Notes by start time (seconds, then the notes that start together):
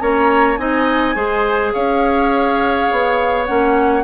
0.00 A#3 C#4 C#5 A#5
0.57 C4 D#4 D#5 G#5
1.15 G#3 G#4 C5
1.73 C#4 C#5 F5
2.91 B3
3.46 A#3 C#4 F#5